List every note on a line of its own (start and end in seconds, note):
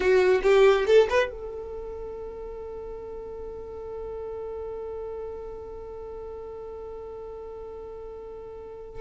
0.00 0.41 F#4
0.42 0.85 G4
0.86 1.08 A4
1.09 1.30 B4
1.30 9.01 A4